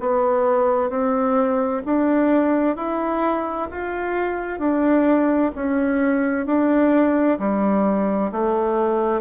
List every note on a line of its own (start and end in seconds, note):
0.00 0.89 B3
0.89 1.82 C4
1.85 2.76 D4
2.76 3.68 E4
3.70 4.59 F4
4.59 5.51 D4
5.55 6.46 C#4
6.46 7.38 D4
7.38 8.31 G3
8.31 9.21 A3